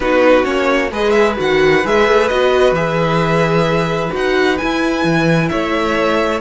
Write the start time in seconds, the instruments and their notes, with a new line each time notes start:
0.00 cello B3, viola D#4, violin F#4 B4
0.43 cello A#3, viola C#4, violin C#5
0.91 cello G#3, viola G#4, violin B4 D#5
1.10 violin E5
1.37 cello D#3, viola F#4, violin F#5
1.84 cello G#3, viola G#4, violin E5
2.07 cello A3
2.27 cello B3, viola F#4, violin D#5
2.71 cello E3, viola G#4, violin E5
4.10 cello D#4, viola F#4, violin F#5
4.57 viola E4, cello E4, violin G#5
5.04 cello E3
5.48 cello A3, violin C#5 E5